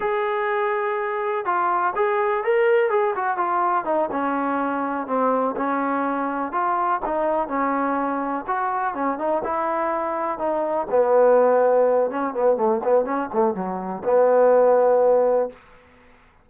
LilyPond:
\new Staff \with { instrumentName = "trombone" } { \time 4/4 \tempo 4 = 124 gis'2. f'4 | gis'4 ais'4 gis'8 fis'8 f'4 | dis'8 cis'2 c'4 cis'8~ | cis'4. f'4 dis'4 cis'8~ |
cis'4. fis'4 cis'8 dis'8 e'8~ | e'4. dis'4 b4.~ | b4 cis'8 b8 a8 b8 cis'8 a8 | fis4 b2. | }